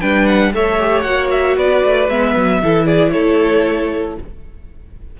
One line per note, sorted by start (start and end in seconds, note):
0.00 0.53 G3
0.00 0.53 D4
0.00 0.52 B4
0.00 0.26 G5
0.26 0.52 F#5
0.53 1.04 A3
0.53 0.79 A4
0.53 1.57 C#5
0.53 1.01 E5
0.79 1.05 G4
1.01 1.56 A#3
1.01 2.09 F#4
1.01 1.27 F#5
1.30 1.56 E5
1.57 1.83 B3
1.57 2.61 B4
1.57 2.09 D5
1.84 2.08 A3
2.08 2.35 G#3
2.08 2.62 B3
2.08 2.86 E5
2.36 2.62 F#3
2.62 3.13 E3
2.62 4.19 E4
2.62 2.85 A4
2.85 3.11 G#4
2.85 3.11 D5
3.11 4.18 A3
3.11 4.17 A4
3.11 4.15 C#5